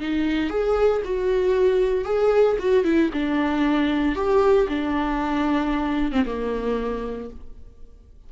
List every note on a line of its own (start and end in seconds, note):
0.00 0.49 D#4
0.49 1.01 G#4
1.04 2.04 F#4
2.04 2.56 G#4
2.59 2.84 F#4
2.84 3.10 E4
3.13 4.15 D4
4.15 4.67 G4
4.68 6.11 D4
6.11 6.24 C4
6.25 7.29 A#3